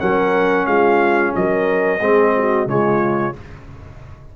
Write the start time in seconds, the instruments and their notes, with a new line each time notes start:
0.00 tuba F#3, trombone C#4, horn A#4, trumpet F#5
0.67 tuba G#3, horn F4, trumpet F5
1.36 tuba F#3, horn A#4, trumpet D#5
2.01 tuba G#3, trombone C4, horn G#4
2.37 horn F#4
2.67 tuba C#3, trombone G#3, horn F4, trumpet C#5